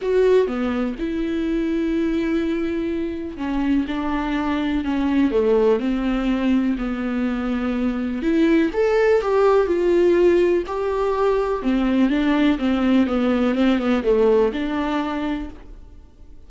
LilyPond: \new Staff \with { instrumentName = "viola" } { \time 4/4 \tempo 4 = 124 fis'4 b4 e'2~ | e'2. cis'4 | d'2 cis'4 a4 | c'2 b2~ |
b4 e'4 a'4 g'4 | f'2 g'2 | c'4 d'4 c'4 b4 | c'8 b8 a4 d'2 | }